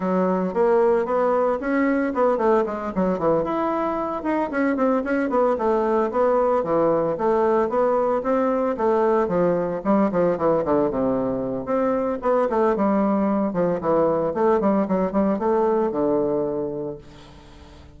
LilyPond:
\new Staff \with { instrumentName = "bassoon" } { \time 4/4 \tempo 4 = 113 fis4 ais4 b4 cis'4 | b8 a8 gis8 fis8 e8 e'4. | dis'8 cis'8 c'8 cis'8 b8 a4 b8~ | b8 e4 a4 b4 c'8~ |
c'8 a4 f4 g8 f8 e8 | d8 c4. c'4 b8 a8 | g4. f8 e4 a8 g8 | fis8 g8 a4 d2 | }